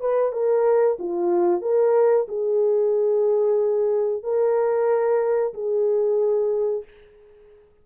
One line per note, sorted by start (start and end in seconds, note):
0.00 0.32 B4
0.32 0.97 A#4
0.99 1.61 F4
1.61 2.26 A#4
2.28 4.23 G#4
4.23 5.53 A#4
5.54 6.84 G#4